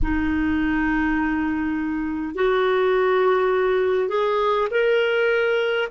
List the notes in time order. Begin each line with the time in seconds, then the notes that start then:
0.02 D#4
2.35 F#4
4.09 G#4
4.71 A#4